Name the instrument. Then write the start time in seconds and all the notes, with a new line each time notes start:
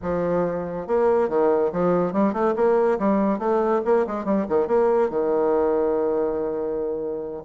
bassoon
0.02 F3
0.87 A#3
1.28 D#3
1.72 F3
2.12 G3
2.33 A3
2.55 A#3
2.98 G3
3.38 A3
3.84 A#3
4.06 G#3
4.24 G3
4.48 D#3
4.67 A#3
5.09 D#3